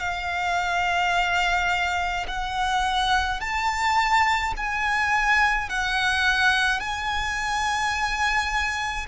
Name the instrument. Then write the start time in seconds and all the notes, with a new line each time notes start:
violin
0.00 F5
2.28 F#5
3.41 A5
4.57 G#5
5.69 F#5
6.80 G#5